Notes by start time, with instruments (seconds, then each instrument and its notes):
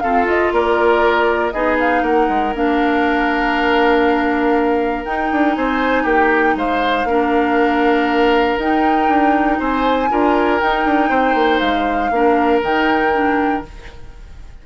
0.00 clarinet C4, bassoon F4, oboe A4, flute F5
0.25 clarinet F4, flute D#5
0.52 bassoon A#3, oboe A#4, flute D5
1.51 bassoon B3, clarinet D#4, oboe G#4, flute D#5
1.79 flute F5
2.02 bassoon A#3, oboe A#4, flute F#5
2.29 bassoon G#3
2.54 bassoon A#3, clarinet D4, flute F5
5.05 bassoon D#4, clarinet D#4, flute G5
5.32 bassoon D4
5.55 bassoon C4, oboe C5, flute G#5
6.03 bassoon A#3, oboe G4, flute G5
6.55 bassoon G#3, oboe C5, flute F5
7.04 bassoon A#3, clarinet D4, oboe A#4
8.58 bassoon D#4, clarinet D#4, flute G5
9.08 bassoon D4
9.59 bassoon C4, oboe C5, flute G#5
10.10 bassoon D4, clarinet F4, oboe A#4
10.59 clarinet D#4, bassoon D#4, flute G5
10.85 bassoon D4
11.09 bassoon C4, oboe C5
11.34 bassoon A#3
11.59 bassoon G#3, flute F5
12.11 bassoon A#3, clarinet D4, oboe A#4
12.62 bassoon D#3, clarinet D#4, flute G5
13.12 clarinet D4